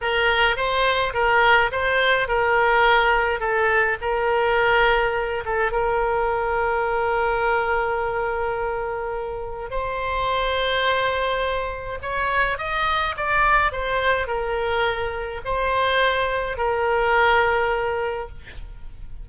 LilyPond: \new Staff \with { instrumentName = "oboe" } { \time 4/4 \tempo 4 = 105 ais'4 c''4 ais'4 c''4 | ais'2 a'4 ais'4~ | ais'4. a'8 ais'2~ | ais'1~ |
ais'4 c''2.~ | c''4 cis''4 dis''4 d''4 | c''4 ais'2 c''4~ | c''4 ais'2. | }